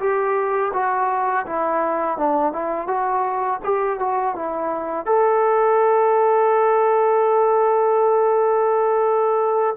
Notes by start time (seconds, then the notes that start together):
0.00 G4
0.74 F#4
1.47 E4
2.18 D4
2.53 E4
2.88 F#4
3.65 G4
4.00 F#4
4.36 E4
5.06 A4